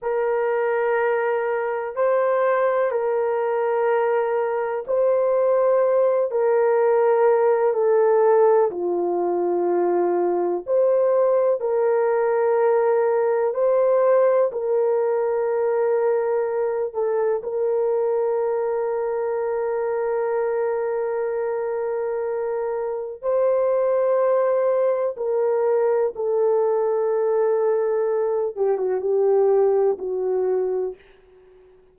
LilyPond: \new Staff \with { instrumentName = "horn" } { \time 4/4 \tempo 4 = 62 ais'2 c''4 ais'4~ | ais'4 c''4. ais'4. | a'4 f'2 c''4 | ais'2 c''4 ais'4~ |
ais'4. a'8 ais'2~ | ais'1 | c''2 ais'4 a'4~ | a'4. g'16 fis'16 g'4 fis'4 | }